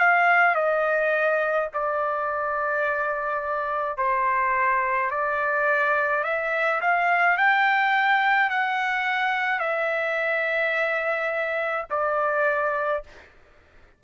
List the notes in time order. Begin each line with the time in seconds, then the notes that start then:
0.00 F5
0.55 D#5
1.73 D5
3.98 C5
5.11 D5
6.24 E5
6.81 F5
7.38 G5
8.50 F#5
9.60 E5
11.91 D5